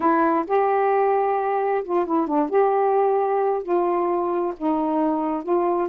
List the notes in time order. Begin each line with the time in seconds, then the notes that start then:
0.00 E4
0.47 G4
1.84 F4
2.06 E4
2.27 D4
2.49 G4
3.62 F4
4.57 D#4
5.43 F4